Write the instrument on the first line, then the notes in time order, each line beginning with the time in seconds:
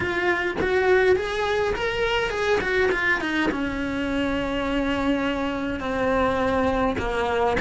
cello
0.00 F4
0.61 F#4
1.16 G#4
1.75 A#4
2.30 G#4
2.60 F#4
2.91 F4
3.20 D#4
3.51 C#4
5.80 C4
6.98 A#3